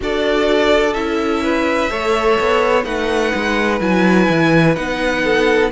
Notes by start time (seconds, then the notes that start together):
0.00 D4 F#4 A4 D5
0.93 C#4 E4 E5
1.43 B4
1.89 A3 A4 C#5
2.39 B3
2.83 A3 D#4 B4 F#5
3.35 G#3
3.80 F#3 E4 G#5
4.29 E3
4.74 B3 D#4 F#5
5.23 A4